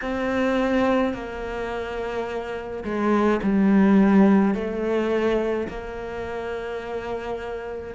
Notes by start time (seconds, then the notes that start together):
0.01 C4
1.13 A#3
2.84 G#3
3.43 G3
4.54 A3
5.68 A#3